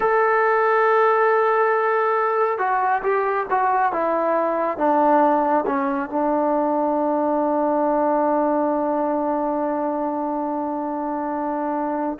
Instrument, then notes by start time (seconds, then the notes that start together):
trombone
0.00 A4
2.58 F#4
3.02 G4
3.50 F#4
3.92 E4
4.77 D4
5.66 C#4
6.09 D4